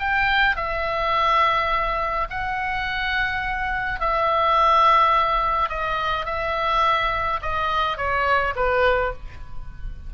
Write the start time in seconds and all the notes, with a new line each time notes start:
0.00 G5
0.57 E5
2.30 F#5
4.01 E5
5.70 D#5
6.26 E5
7.43 D#5
7.98 C#5
8.56 B4